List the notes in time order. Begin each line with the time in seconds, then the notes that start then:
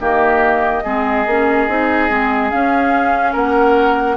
0.00 D#3 A#3 G4 D#5
0.84 G#3 C4 G#4
1.27 A#3 C#4
1.68 C4 D#4
2.10 G#3 C4
2.50 C#4 F5
3.33 A#3 A#4 F#5